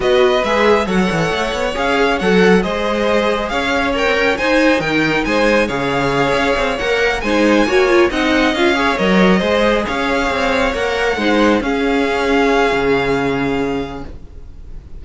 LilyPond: <<
  \new Staff \with { instrumentName = "violin" } { \time 4/4 \tempo 4 = 137 dis''4 e''4 fis''2 | f''4 fis''4 dis''2 | f''4 g''4 gis''4 g''4 | gis''4 f''2~ f''8 fis''8~ |
fis''8 gis''2 fis''4 f''8~ | f''8 dis''2 f''4.~ | f''8 fis''2 f''4.~ | f''1 | }
  \new Staff \with { instrumentName = "violin" } { \time 4/4 b'2 cis''2~ | cis''2 c''2 | cis''2 c''4 ais'4 | c''4 cis''2.~ |
cis''8 c''4 cis''4 dis''4. | cis''4. c''4 cis''4.~ | cis''4. c''4 gis'4.~ | gis'1 | }
  \new Staff \with { instrumentName = "viola" } { \time 4/4 fis'4 gis'4 a'2 | gis'4 a'4 gis'2~ | gis'4 ais'4 dis'2~ | dis'4 gis'2~ gis'8 ais'8~ |
ais'8 dis'4 fis'8 f'8 dis'4 f'8 | gis'8 ais'4 gis'2~ gis'8~ | gis'8 ais'4 dis'4 cis'4.~ | cis'1 | }
  \new Staff \with { instrumentName = "cello" } { \time 4/4 b4 gis4 fis8 e8 a8 b8 | cis'4 fis4 gis2 | cis'4~ cis'16 c'16 cis'8 dis'4 dis4 | gis4 cis4. cis'8 c'8 ais8~ |
ais8 gis4 ais4 c'4 cis'8~ | cis'8 fis4 gis4 cis'4 c'8~ | c'8 ais4 gis4 cis'4.~ | cis'4 cis2. | }
>>